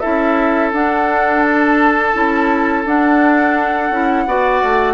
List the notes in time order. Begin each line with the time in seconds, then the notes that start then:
0.00 E4 A4 E5
0.06 C#4
0.73 D4 F#5
1.46 A5
2.14 C#4 E4
2.85 D4 F#5
3.90 C#4 E4
4.26 B3 F#4 D5
4.64 A3